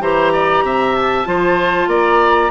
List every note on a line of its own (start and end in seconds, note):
0.00 0.62 E3
0.00 1.25 G4
0.00 0.33 C5
0.00 0.95 A#5
0.33 0.64 D5
0.63 1.25 C3
0.63 1.28 E5
0.95 1.89 A5
1.25 1.88 F3
1.25 2.50 F4
1.25 1.89 C5
1.88 2.50 A#3
1.88 2.51 D5
1.88 2.51 A#5